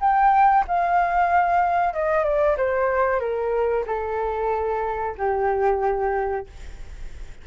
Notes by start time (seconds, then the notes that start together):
0.00 G5
0.67 F5
1.93 D#5
2.23 D5
2.57 C5
3.20 A#4
3.86 A4
5.17 G4